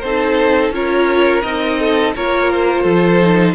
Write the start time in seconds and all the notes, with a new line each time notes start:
0.00 C4 D#4 A4 C5
0.71 C#4 F4 A#4 C#5
1.42 C4 D#4 D#5
1.79 A4
2.15 A#3 F4 A#4 C#5
2.50 C5
2.82 F3 A4
3.21 D#4